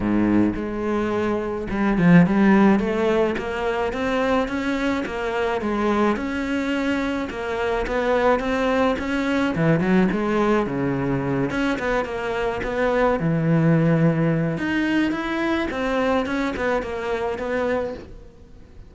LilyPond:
\new Staff \with { instrumentName = "cello" } { \time 4/4 \tempo 4 = 107 gis,4 gis2 g8 f8 | g4 a4 ais4 c'4 | cis'4 ais4 gis4 cis'4~ | cis'4 ais4 b4 c'4 |
cis'4 e8 fis8 gis4 cis4~ | cis8 cis'8 b8 ais4 b4 e8~ | e2 dis'4 e'4 | c'4 cis'8 b8 ais4 b4 | }